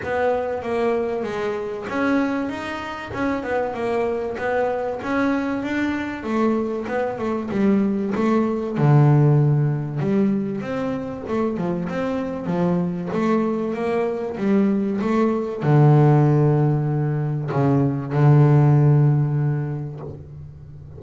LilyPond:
\new Staff \with { instrumentName = "double bass" } { \time 4/4 \tempo 4 = 96 b4 ais4 gis4 cis'4 | dis'4 cis'8 b8 ais4 b4 | cis'4 d'4 a4 b8 a8 | g4 a4 d2 |
g4 c'4 a8 f8 c'4 | f4 a4 ais4 g4 | a4 d2. | cis4 d2. | }